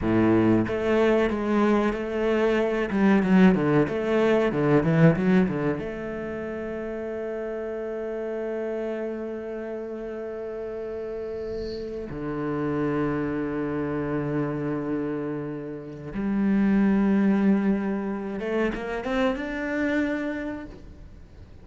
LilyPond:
\new Staff \with { instrumentName = "cello" } { \time 4/4 \tempo 4 = 93 a,4 a4 gis4 a4~ | a8 g8 fis8 d8 a4 d8 e8 | fis8 d8 a2.~ | a1~ |
a2~ a8. d4~ d16~ | d1~ | d4 g2.~ | g8 a8 ais8 c'8 d'2 | }